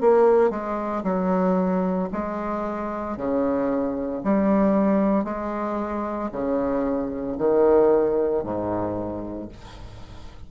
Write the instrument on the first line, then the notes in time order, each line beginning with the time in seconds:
bassoon
0.00 A#3
0.50 G#3
1.03 F#3
2.12 G#3
3.17 C#3
4.23 G3
5.24 G#3
6.32 C#3
7.37 D#3
8.43 G#2